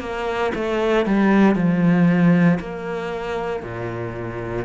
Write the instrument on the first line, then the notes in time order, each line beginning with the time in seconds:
cello
0.00 A#3
0.55 A3
1.06 G3
1.55 F3
2.60 A#3
3.63 A#2